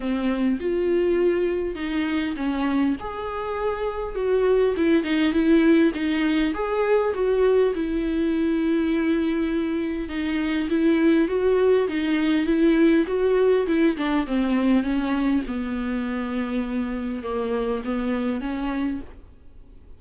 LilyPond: \new Staff \with { instrumentName = "viola" } { \time 4/4 \tempo 4 = 101 c'4 f'2 dis'4 | cis'4 gis'2 fis'4 | e'8 dis'8 e'4 dis'4 gis'4 | fis'4 e'2.~ |
e'4 dis'4 e'4 fis'4 | dis'4 e'4 fis'4 e'8 d'8 | c'4 cis'4 b2~ | b4 ais4 b4 cis'4 | }